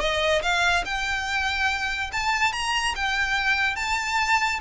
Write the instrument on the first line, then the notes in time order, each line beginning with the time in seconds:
violin
0.00 D#5
0.42 F5
0.85 G5
2.12 A5
2.53 A#5
2.95 G5
3.76 A5